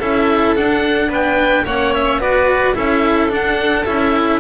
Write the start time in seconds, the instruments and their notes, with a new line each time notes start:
0.00 double bass C#4, cello E4, violin A4, oboe E5
0.56 double bass D4, cello D4, oboe F#5
1.09 double bass B3, violin B4, oboe G5
1.65 double bass A#3, cello C#4, violin C#5, oboe F#5
1.95 oboe E5
2.19 double bass B3, cello F#4, violin B4, oboe D5
2.75 double bass C#4, cello E4, violin A4, oboe E5
3.30 cello D4, double bass D4, oboe F#5
3.86 double bass C#4, cello E4, oboe E5